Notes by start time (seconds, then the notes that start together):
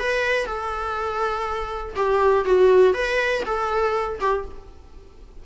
0.00 B4
0.46 A4
1.96 G4
2.45 F#4
2.94 B4
3.46 A4
4.21 G4